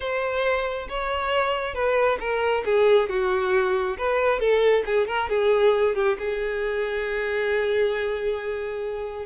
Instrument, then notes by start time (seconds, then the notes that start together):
violin
0.00 C5
0.88 C#5
1.74 B4
2.20 A#4
2.65 G#4
3.09 F#4
3.97 B4
4.39 A4
4.85 G#4
5.07 A#4
5.29 G#4
5.95 G4
6.18 G#4